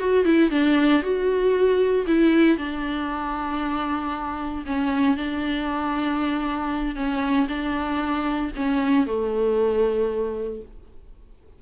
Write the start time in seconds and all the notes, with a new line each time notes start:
0.00 F#4
0.25 E4
0.51 D4
1.03 F#4
2.07 E4
2.58 D4
4.67 C#4
5.17 D4
6.96 C#4
7.49 D4
8.57 C#4
9.07 A3